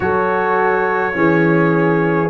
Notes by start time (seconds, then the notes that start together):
0.00 F#3 F#4 A4 C#5
1.13 E3 C#4 G#4